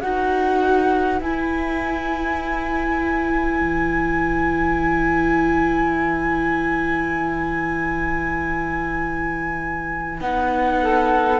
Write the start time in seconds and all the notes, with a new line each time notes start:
0.00 D#4 F#4 B4 F#5
1.20 E4 G#5
3.60 E3
10.20 B3 D#4 F#5
10.81 A4